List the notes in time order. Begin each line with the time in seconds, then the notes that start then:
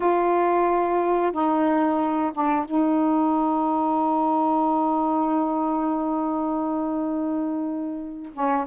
0.00 F4
1.32 D#4
2.33 D4
2.65 D#4
8.33 C#4